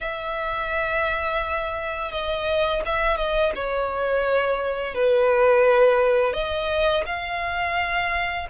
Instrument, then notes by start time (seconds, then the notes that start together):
violin
0.00 E5
2.11 D#5
2.85 E5
3.17 D#5
3.55 C#5
4.94 B4
6.33 D#5
7.06 F5